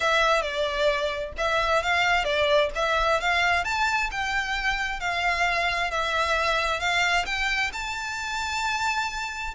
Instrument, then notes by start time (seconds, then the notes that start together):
violin
0.00 E5
0.42 D5
1.37 E5
1.82 F5
2.24 D5
2.75 E5
3.20 F5
3.64 A5
4.11 G5
5.00 F5
5.90 E5
6.80 F5
7.25 G5
7.72 A5